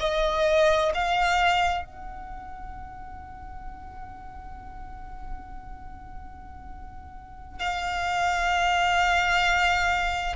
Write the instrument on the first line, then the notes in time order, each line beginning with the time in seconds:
violin
0.00 D#5
0.94 F5
1.85 F#5
7.59 F5